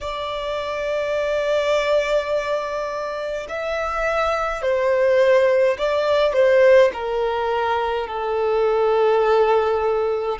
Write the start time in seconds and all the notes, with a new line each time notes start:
0.00 D5
3.48 E5
4.62 C5
5.77 D5
6.33 C5
6.93 A#4
8.07 A4